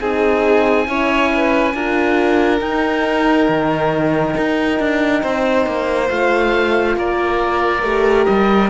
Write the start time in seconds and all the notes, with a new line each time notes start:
0.00 C4 D#4 G#4 G#5
0.86 C#4 E4 C#5
1.34 B4
1.74 D4 F4 A#4
2.59 D#4 G5
3.48 D#3
4.37 D#4
4.79 D4
5.22 C4 C5
5.66 A#3
6.08 A3 F4 F5
6.96 A#3 A#4 D5
7.82 A3 G4
8.25 G3 D#5